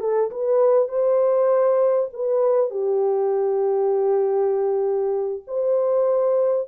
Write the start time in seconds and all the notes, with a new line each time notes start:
0.00 A4
0.31 B4
0.88 C5
2.13 B4
2.70 G4
5.47 C5